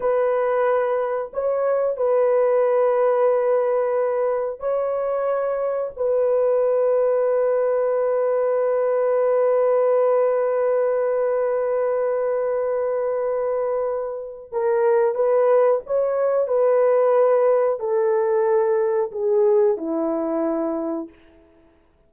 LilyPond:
\new Staff \with { instrumentName = "horn" } { \time 4/4 \tempo 4 = 91 b'2 cis''4 b'4~ | b'2. cis''4~ | cis''4 b'2.~ | b'1~ |
b'1~ | b'2 ais'4 b'4 | cis''4 b'2 a'4~ | a'4 gis'4 e'2 | }